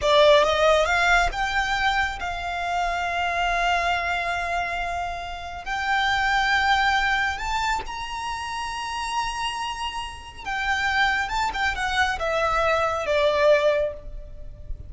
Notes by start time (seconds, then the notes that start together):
0.01 D5
0.43 D#5
0.85 F5
1.32 G5
2.19 F5
5.64 G5
7.37 A5
7.86 A#5
10.44 G5
11.28 A5
11.53 G5
11.75 F#5
12.19 E5
13.06 D5